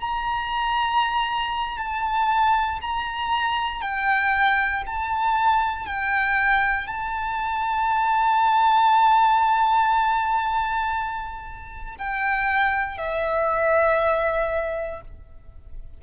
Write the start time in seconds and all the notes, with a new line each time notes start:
0.00 A#5
1.78 A5
2.81 A#5
3.81 G5
4.86 A5
5.86 G5
6.87 A5
11.98 G5
12.98 E5